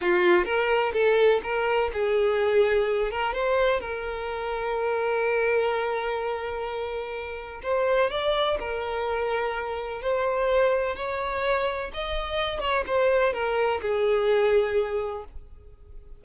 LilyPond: \new Staff \with { instrumentName = "violin" } { \time 4/4 \tempo 4 = 126 f'4 ais'4 a'4 ais'4 | gis'2~ gis'8 ais'8 c''4 | ais'1~ | ais'1 |
c''4 d''4 ais'2~ | ais'4 c''2 cis''4~ | cis''4 dis''4. cis''8 c''4 | ais'4 gis'2. | }